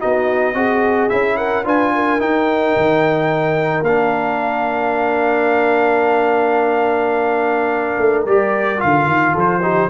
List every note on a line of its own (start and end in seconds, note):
0.00 0.55 B3
0.00 0.55 D#4
0.00 0.55 F#4
0.00 1.10 D#5
0.55 1.10 C4
0.55 1.10 F#4
0.55 1.38 G#4
1.10 1.65 C#4
1.10 1.65 E4
1.10 1.37 E5
1.37 1.65 A#4
1.37 1.65 F#5
1.65 2.20 D4
1.65 2.20 F4
1.65 1.93 B4
1.65 2.21 G#5
1.95 9.33 A#4
2.20 3.85 D#4
2.20 2.76 D#4
2.20 3.85 G5
2.77 3.83 D#3
3.83 7.95 A#3
3.83 8.28 D4
3.83 8.25 F5
7.99 8.26 A3
8.26 8.81 G3
8.26 8.79 G4
8.26 8.81 D5
8.79 9.07 D3
8.79 9.61 F4
8.79 9.36 F5
9.07 9.34 D#3
9.33 9.90 F3
9.33 9.61 A4
9.40 9.90 C5
9.62 9.90 D#4
9.62 9.90 G4